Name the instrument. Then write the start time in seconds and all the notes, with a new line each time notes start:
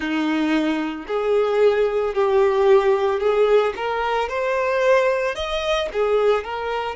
violin
0.00 D#4
1.07 G#4
2.14 G4
3.19 G#4
3.75 A#4
4.29 C5
5.35 D#5
5.92 G#4
6.43 A#4